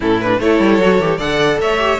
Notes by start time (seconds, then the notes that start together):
0.00 A2 C#4 E4 A4
0.21 D4 B4
0.39 A3 E4 A4 C#5
0.59 G3
0.78 F#3 F#4
0.99 E3 G4
1.17 D3 A4 D5 F#5
1.59 A3 C#5 E5
1.78 G4